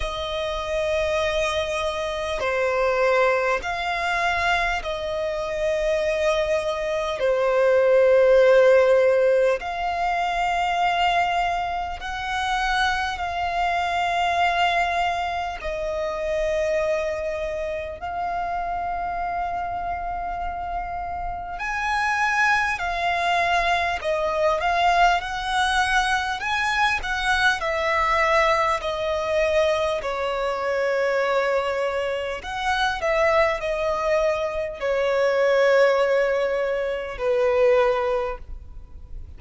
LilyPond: \new Staff \with { instrumentName = "violin" } { \time 4/4 \tempo 4 = 50 dis''2 c''4 f''4 | dis''2 c''2 | f''2 fis''4 f''4~ | f''4 dis''2 f''4~ |
f''2 gis''4 f''4 | dis''8 f''8 fis''4 gis''8 fis''8 e''4 | dis''4 cis''2 fis''8 e''8 | dis''4 cis''2 b'4 | }